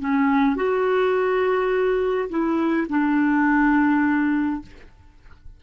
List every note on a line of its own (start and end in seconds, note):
0.00 0.56 C#4
0.56 2.29 F#4
2.29 2.87 E4
2.88 4.62 D4